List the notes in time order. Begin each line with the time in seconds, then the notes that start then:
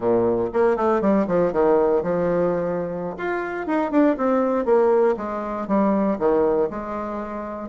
0.00 A#2
0.53 A#3
0.76 A3
1.01 G3
1.27 F3
1.52 D#3
2.02 F3
3.17 F4
3.67 D#4
3.91 D4
4.17 C4
4.65 A#3
5.17 G#3
5.67 G3
6.18 D#3
6.70 G#3